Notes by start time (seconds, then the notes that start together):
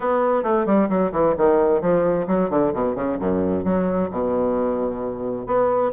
0.00 B3
0.43 A3
0.66 G3
0.89 F#3
1.12 E3
1.37 D#3
1.81 F3
2.27 F#3
2.50 D3
2.73 B2
2.95 C#3
3.19 F#2
3.64 F#3
4.10 B2
5.46 B3